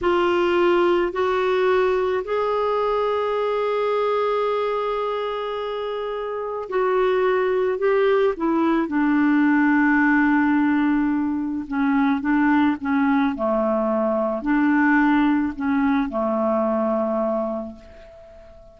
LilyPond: \new Staff \with { instrumentName = "clarinet" } { \time 4/4 \tempo 4 = 108 f'2 fis'2 | gis'1~ | gis'1 | fis'2 g'4 e'4 |
d'1~ | d'4 cis'4 d'4 cis'4 | a2 d'2 | cis'4 a2. | }